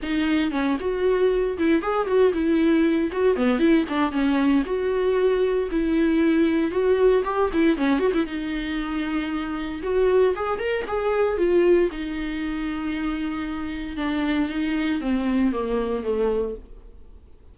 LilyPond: \new Staff \with { instrumentName = "viola" } { \time 4/4 \tempo 4 = 116 dis'4 cis'8 fis'4. e'8 gis'8 | fis'8 e'4. fis'8 b8 e'8 d'8 | cis'4 fis'2 e'4~ | e'4 fis'4 g'8 e'8 cis'8 fis'16 e'16 |
dis'2. fis'4 | gis'8 ais'8 gis'4 f'4 dis'4~ | dis'2. d'4 | dis'4 c'4 ais4 a4 | }